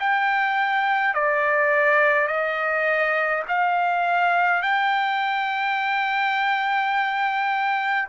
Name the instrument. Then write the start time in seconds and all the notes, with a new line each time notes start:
trumpet
0.00 G5
1.14 D5
2.28 D#5
3.48 F5
4.62 G5